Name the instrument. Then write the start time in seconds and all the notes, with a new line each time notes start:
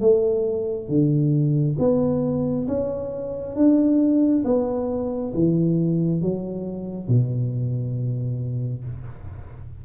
tuba
0.00 A3
0.88 D3
1.78 B3
2.67 C#4
3.55 D4
4.44 B3
5.33 E3
6.21 F#3
7.07 B2